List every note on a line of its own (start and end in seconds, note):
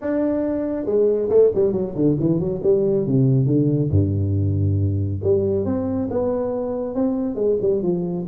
0.01 0.85 D4
0.85 1.29 G#3
1.29 1.51 A3
1.54 1.72 G3
1.72 1.94 F#3
1.95 2.16 D3
2.19 2.39 E3
2.39 2.61 F#3
2.63 3.06 G3
3.06 3.46 C3
3.46 3.90 D3
3.90 5.20 G2
5.23 5.65 G3
5.65 6.08 C4
6.10 6.94 B3
6.94 7.35 C4
7.35 7.56 G#3
7.61 7.82 G3
7.82 8.25 F3